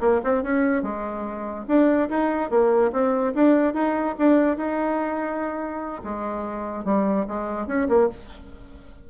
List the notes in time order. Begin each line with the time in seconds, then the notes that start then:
0.00 A#3
0.23 C4
0.43 C#4
0.82 G#3
1.67 D4
2.09 D#4
2.50 A#3
2.92 C4
3.34 D4
3.74 D#4
4.18 D4
4.56 D#4
6.03 G#3
6.84 G3
7.27 G#3
7.67 C#4
7.88 A#3